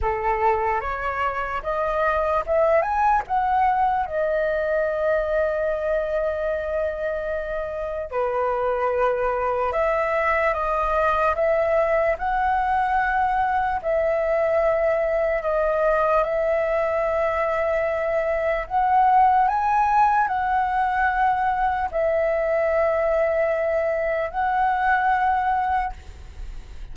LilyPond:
\new Staff \with { instrumentName = "flute" } { \time 4/4 \tempo 4 = 74 a'4 cis''4 dis''4 e''8 gis''8 | fis''4 dis''2.~ | dis''2 b'2 | e''4 dis''4 e''4 fis''4~ |
fis''4 e''2 dis''4 | e''2. fis''4 | gis''4 fis''2 e''4~ | e''2 fis''2 | }